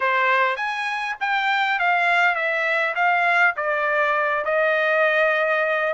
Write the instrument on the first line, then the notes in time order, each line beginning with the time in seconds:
trumpet
0.00 C5
0.56 G#5
1.20 G5
1.79 F5
2.35 E5
2.95 F5
3.56 D5
4.44 D#5